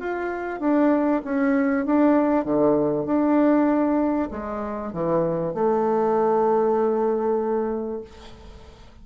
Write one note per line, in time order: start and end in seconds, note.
0.00 0.60 F4
0.60 1.22 D4
1.25 1.86 C#4
1.86 2.45 D4
2.45 3.06 D3
3.06 4.30 D4
4.31 4.93 G#3
4.93 5.54 E3
5.54 8.02 A3